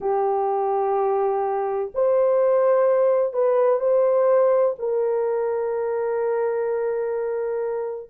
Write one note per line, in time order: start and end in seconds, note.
0.00 1.91 G4
1.94 3.33 C5
3.33 3.80 B4
3.80 4.75 C5
4.78 8.10 A#4